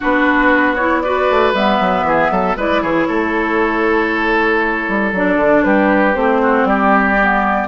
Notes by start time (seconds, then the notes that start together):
0.00 B3 D4 F#4 B4
0.75 E4 C#5
1.01 F#4 B4 D5
1.30 A3
1.53 G3 B3 E5
1.79 F#3
2.02 E3 G#4
2.30 F#3 A4
2.56 G#3 E4 B4 D5
2.82 E3 G#4 C#5
3.07 A3 A4
4.88 G3
5.12 F#3 D4 D5
5.36 D3
5.63 G3 G4 B4
6.14 A3 C4 C5
6.42 F#4
6.63 G3 G4 D5
7.21 B3